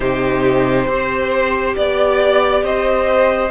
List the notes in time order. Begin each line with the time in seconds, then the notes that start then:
0.00 C3 D#4 G4 C5
0.86 C4 G4 C5
1.75 B3 D5
2.63 C4 C5 D#5